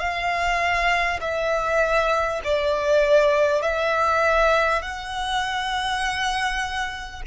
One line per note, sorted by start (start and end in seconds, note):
0.00 1.20 F5
1.21 2.41 E5
2.44 3.62 D5
3.62 4.82 E5
4.83 7.23 F#5